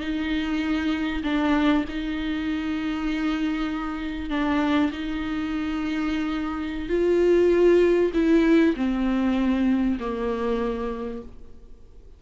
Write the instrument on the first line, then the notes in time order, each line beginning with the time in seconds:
viola
0.00 D#4
1.23 D4
1.88 D#4
4.30 D4
4.92 D#4
6.89 F4
8.14 E4
8.76 C4
9.99 A#3